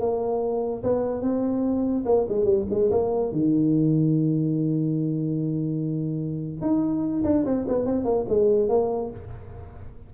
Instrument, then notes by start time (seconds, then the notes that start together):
tuba
0.00 A#3
0.83 B3
1.22 C4
2.06 A#3
2.29 G#3
2.45 G3
2.70 G#3
2.91 A#3
3.32 D#3
6.61 D#4
7.24 D4
7.45 C4
7.68 B3
7.85 C4
8.05 A#3
8.29 G#3
8.69 A#3